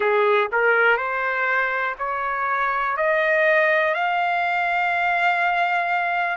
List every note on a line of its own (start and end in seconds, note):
0.00 0.48 G#4
0.51 0.97 A#4
0.97 1.95 C5
1.98 2.96 C#5
2.96 3.94 D#5
3.94 6.36 F5